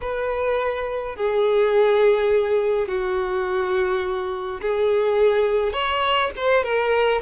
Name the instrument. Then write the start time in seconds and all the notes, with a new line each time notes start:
violin
0.01 B4
1.16 G#4
2.87 F#4
4.61 G#4
5.72 C#5
6.36 C5
6.63 A#4